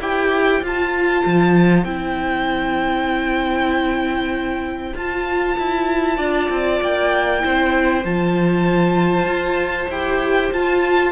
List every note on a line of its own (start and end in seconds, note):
0.00 0.62 E4
0.00 0.61 G4
0.00 6.17 C5
0.00 0.64 G5
0.61 1.85 F4
0.61 1.24 F4
0.61 1.84 A5
1.26 1.84 F3
1.84 4.94 C4
1.84 4.95 E4
1.84 4.94 G5
4.95 5.57 F4
4.95 7.40 F4
4.95 6.83 A5
5.59 6.18 E4
6.17 6.49 D4
6.17 7.41 D5
6.50 6.81 C4
6.82 7.44 A#3
6.82 8.05 G5
7.40 8.04 C4
7.40 8.02 E4
7.40 11.12 C5
8.04 9.26 F3
8.04 9.90 F4
8.04 9.91 A5
9.26 9.87 F4
9.89 10.51 E4
9.89 10.54 G4
9.89 10.53 G5
10.53 11.12 F4
10.53 11.12 A5